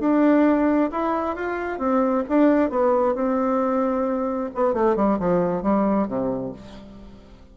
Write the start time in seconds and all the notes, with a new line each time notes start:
0.00 D4
0.91 E4
1.36 F4
1.79 C4
2.29 D4
2.70 B3
3.15 C4
4.55 B3
4.74 A3
4.96 G3
5.19 F3
5.63 G3
6.08 C3